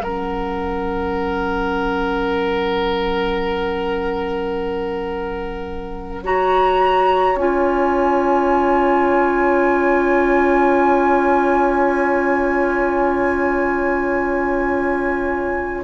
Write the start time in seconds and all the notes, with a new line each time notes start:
0.00 F#3 C#4 A#4 F#5
6.23 F#4 C#5 A#5
7.35 C#4 F4 G#5